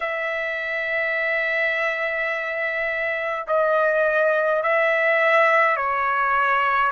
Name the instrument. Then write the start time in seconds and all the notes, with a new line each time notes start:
trumpet
0.00 E5
3.47 D#5
4.63 E5
5.76 C#5